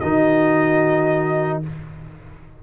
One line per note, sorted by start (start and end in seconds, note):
0.00 1.63 D#3
0.00 1.63 D#4
0.00 1.62 F#4
0.00 1.60 D#5